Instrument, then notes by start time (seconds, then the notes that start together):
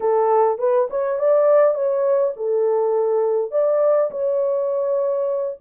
horn
0.00 A4
0.58 B4
0.90 C#5
1.19 D5
1.74 C#5
2.36 A4
3.51 D5
4.10 C#5